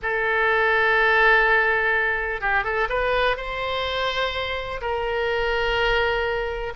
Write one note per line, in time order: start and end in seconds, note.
0.02 2.40 A4
2.40 2.64 G4
2.64 2.88 A4
2.89 3.36 B4
3.36 4.80 C5
4.81 6.73 A#4